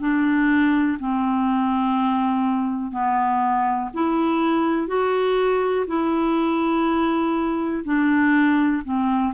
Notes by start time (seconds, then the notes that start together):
0.00 D4
0.99 C4
2.92 B3
3.94 E4
4.87 F#4
5.87 E4
7.84 D4
8.84 C4